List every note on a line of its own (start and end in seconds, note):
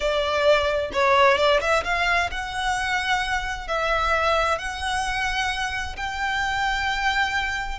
0.00 0.90 D5
0.92 1.37 C#5
1.37 1.60 D5
1.61 1.83 E5
1.84 2.29 F5
2.31 3.67 F#5
3.67 4.58 E5
4.58 5.95 F#5
5.96 7.79 G5